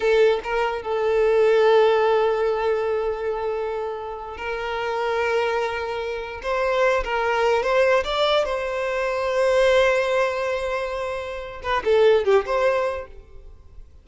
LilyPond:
\new Staff \with { instrumentName = "violin" } { \time 4/4 \tempo 4 = 147 a'4 ais'4 a'2~ | a'1~ | a'2~ a'8. ais'4~ ais'16~ | ais'2.~ ais'8. c''16~ |
c''4~ c''16 ais'4. c''4 d''16~ | d''8. c''2.~ c''16~ | c''1~ | c''8 b'8 a'4 g'8 c''4. | }